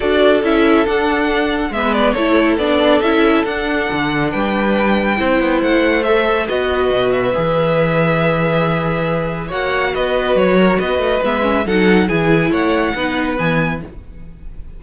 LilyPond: <<
  \new Staff \with { instrumentName = "violin" } { \time 4/4 \tempo 4 = 139 d''4 e''4 fis''2 | e''8 d''8 cis''4 d''4 e''4 | fis''2 g''2~ | g''4 fis''4 e''4 dis''4~ |
dis''8 e''2.~ e''8~ | e''2 fis''4 dis''4 | cis''4 dis''4 e''4 fis''4 | gis''4 fis''2 gis''4 | }
  \new Staff \with { instrumentName = "violin" } { \time 4/4 a'1 | b'4 a'2.~ | a'2 b'2 | c''2. b'4~ |
b'1~ | b'2 cis''4 b'4~ | b'8 ais'8 b'2 a'4 | gis'4 cis''4 b'2 | }
  \new Staff \with { instrumentName = "viola" } { \time 4/4 fis'4 e'4 d'2 | b4 e'4 d'4 e'4 | d'1 | e'2 a'4 fis'4~ |
fis'4 gis'2.~ | gis'2 fis'2~ | fis'2 b8 cis'8 dis'4 | e'2 dis'4 b4 | }
  \new Staff \with { instrumentName = "cello" } { \time 4/4 d'4 cis'4 d'2 | gis4 a4 b4 cis'4 | d'4 d4 g2 | c'8 b8 a2 b4 |
b,4 e2.~ | e2 ais4 b4 | fis4 b8 a8 gis4 fis4 | e4 a4 b4 e4 | }
>>